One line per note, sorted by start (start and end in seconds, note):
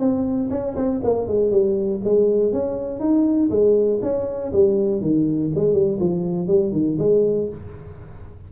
0.00 0.50 C4
0.51 0.76 C#4
0.76 1.01 C4
1.04 1.28 A#3
1.28 1.52 G#3
1.52 2.02 G3
2.05 2.53 G#3
2.53 3.00 C#4
3.00 3.50 D#4
3.51 4.01 G#3
4.03 4.53 C#4
4.53 5.01 G3
5.01 5.51 D#3
5.55 5.74 G#3
5.74 5.99 G3
6.00 6.48 F3
6.48 6.73 G3
6.73 6.98 D#3
6.99 7.49 G#3